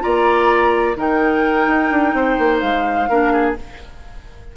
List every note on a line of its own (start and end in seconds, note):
0.00 0.97 A#3
0.00 0.94 F4
0.00 0.97 D5
0.00 0.95 A#5
0.96 1.67 D#3
0.96 3.08 D#4
0.96 2.15 A#4
0.96 2.59 G5
1.67 1.90 D#4
1.90 2.14 D4
2.14 2.37 C4
2.14 3.09 C5
2.38 2.62 A#3
2.59 3.09 G#3
2.59 3.54 F5
3.09 3.56 A#3
3.09 3.56 D4
3.09 3.32 A#4
3.32 3.56 G#4